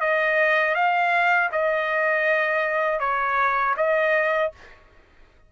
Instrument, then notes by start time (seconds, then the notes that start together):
trumpet
0.00 D#5
0.74 F5
1.52 D#5
2.99 C#5
3.76 D#5